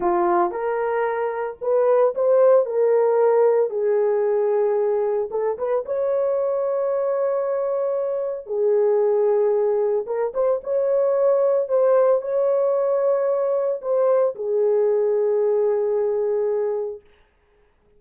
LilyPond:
\new Staff \with { instrumentName = "horn" } { \time 4/4 \tempo 4 = 113 f'4 ais'2 b'4 | c''4 ais'2 gis'4~ | gis'2 a'8 b'8 cis''4~ | cis''1 |
gis'2. ais'8 c''8 | cis''2 c''4 cis''4~ | cis''2 c''4 gis'4~ | gis'1 | }